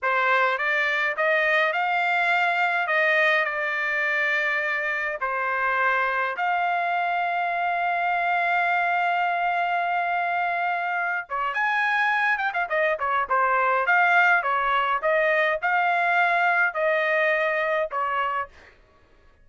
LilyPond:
\new Staff \with { instrumentName = "trumpet" } { \time 4/4 \tempo 4 = 104 c''4 d''4 dis''4 f''4~ | f''4 dis''4 d''2~ | d''4 c''2 f''4~ | f''1~ |
f''2.~ f''8 cis''8 | gis''4. g''16 f''16 dis''8 cis''8 c''4 | f''4 cis''4 dis''4 f''4~ | f''4 dis''2 cis''4 | }